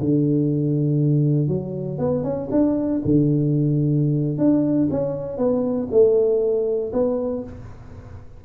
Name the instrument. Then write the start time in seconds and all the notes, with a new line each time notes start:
tuba
0.00 D3
1.48 F#3
1.98 B3
2.23 C#4
2.51 D4
3.04 D3
4.38 D4
4.90 C#4
5.37 B3
5.91 A3
6.93 B3